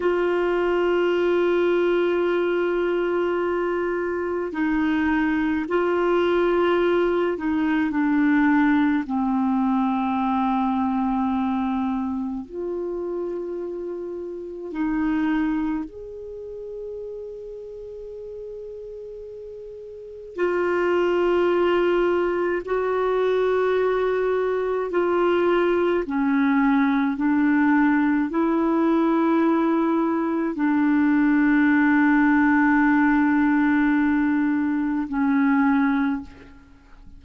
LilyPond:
\new Staff \with { instrumentName = "clarinet" } { \time 4/4 \tempo 4 = 53 f'1 | dis'4 f'4. dis'8 d'4 | c'2. f'4~ | f'4 dis'4 gis'2~ |
gis'2 f'2 | fis'2 f'4 cis'4 | d'4 e'2 d'4~ | d'2. cis'4 | }